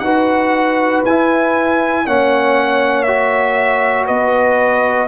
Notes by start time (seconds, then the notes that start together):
0.00 D#4 F#4 B4 F#5
1.05 E4 G#5
2.06 A#3 C#4 C#5 F#5
3.03 F#4 E5
4.06 B3 B4 D#5